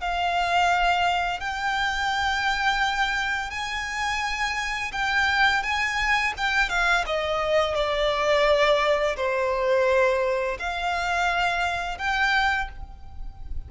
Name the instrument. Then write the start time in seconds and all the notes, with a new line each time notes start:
violin
0.00 F5
1.40 G5
3.50 G#5
4.92 G5
5.62 G#5
6.37 G5
6.69 F5
7.06 D#5
7.75 D5
9.16 C5
10.59 F5
11.98 G5